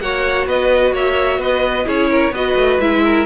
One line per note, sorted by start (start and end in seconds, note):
0.00 0.47 A#3
0.00 1.85 F#4
0.00 0.47 C#5
0.00 0.47 F#5
0.47 0.92 B3
0.47 0.94 B4
0.47 0.95 D#5
0.92 1.38 A#3
0.92 1.39 C#5
0.92 1.42 E5
1.38 1.85 B3
1.38 1.86 B4
1.38 1.88 D#5
1.85 2.31 C#4
1.85 2.31 E4
1.85 2.10 G#4
1.85 2.34 C#5
2.10 2.33 A#4
2.31 2.55 B3
2.31 2.80 F#4
2.31 3.02 B4
2.31 2.80 D#5
2.55 2.79 A3
2.80 3.26 G#3
2.80 3.26 E4
2.80 3.26 E5
3.04 3.26 A#4